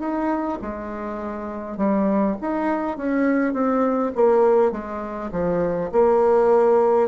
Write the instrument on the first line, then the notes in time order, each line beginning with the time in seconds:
bassoon
0.00 D#4
0.62 G#3
1.78 G3
2.42 D#4
2.98 C#4
3.53 C4
4.16 A#3
4.72 G#3
5.32 F3
5.93 A#3